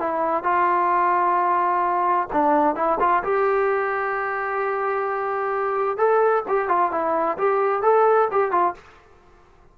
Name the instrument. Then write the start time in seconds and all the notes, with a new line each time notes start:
trombone
0.00 E4
0.44 F4
2.33 D4
2.76 E4
3.00 F4
3.24 G4
5.98 A4
6.48 G4
6.69 F4
6.92 E4
7.38 G4
7.83 A4
8.32 G4
8.52 F4